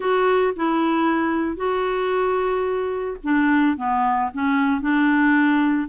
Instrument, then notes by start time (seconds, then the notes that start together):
clarinet
0.00 F#4
0.56 E4
1.56 F#4
3.23 D4
3.76 B3
4.33 C#4
4.81 D4